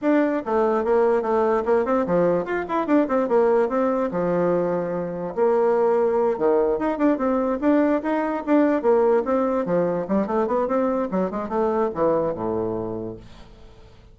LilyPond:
\new Staff \with { instrumentName = "bassoon" } { \time 4/4 \tempo 4 = 146 d'4 a4 ais4 a4 | ais8 c'8 f4 f'8 e'8 d'8 c'8 | ais4 c'4 f2~ | f4 ais2~ ais8 dis8~ |
dis8 dis'8 d'8 c'4 d'4 dis'8~ | dis'8 d'4 ais4 c'4 f8~ | f8 g8 a8 b8 c'4 fis8 gis8 | a4 e4 a,2 | }